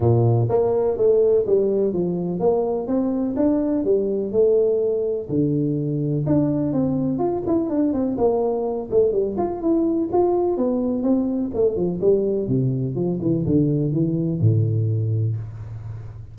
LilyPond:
\new Staff \with { instrumentName = "tuba" } { \time 4/4 \tempo 4 = 125 ais,4 ais4 a4 g4 | f4 ais4 c'4 d'4 | g4 a2 d4~ | d4 d'4 c'4 f'8 e'8 |
d'8 c'8 ais4. a8 g8 f'8 | e'4 f'4 b4 c'4 | a8 f8 g4 c4 f8 e8 | d4 e4 a,2 | }